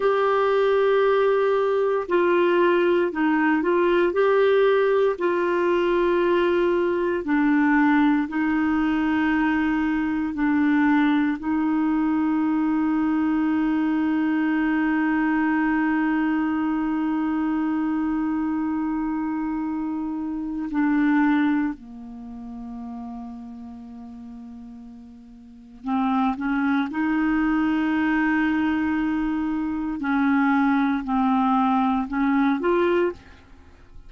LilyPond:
\new Staff \with { instrumentName = "clarinet" } { \time 4/4 \tempo 4 = 58 g'2 f'4 dis'8 f'8 | g'4 f'2 d'4 | dis'2 d'4 dis'4~ | dis'1~ |
dis'1 | d'4 ais2.~ | ais4 c'8 cis'8 dis'2~ | dis'4 cis'4 c'4 cis'8 f'8 | }